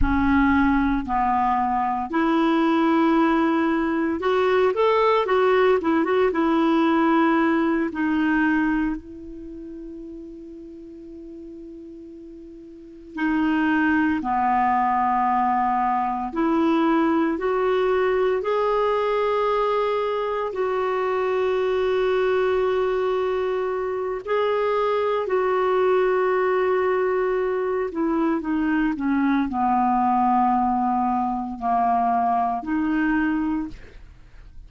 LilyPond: \new Staff \with { instrumentName = "clarinet" } { \time 4/4 \tempo 4 = 57 cis'4 b4 e'2 | fis'8 a'8 fis'8 e'16 fis'16 e'4. dis'8~ | dis'8 e'2.~ e'8~ | e'8 dis'4 b2 e'8~ |
e'8 fis'4 gis'2 fis'8~ | fis'2. gis'4 | fis'2~ fis'8 e'8 dis'8 cis'8 | b2 ais4 dis'4 | }